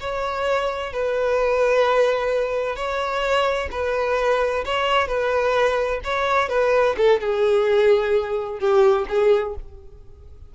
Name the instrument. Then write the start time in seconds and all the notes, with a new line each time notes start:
violin
0.00 C#5
0.93 B4
2.76 C#5
3.71 B4
4.65 C#5
5.07 B4
6.04 C#5
6.49 B4
6.97 A4
7.20 G#4
8.59 G4
9.08 G#4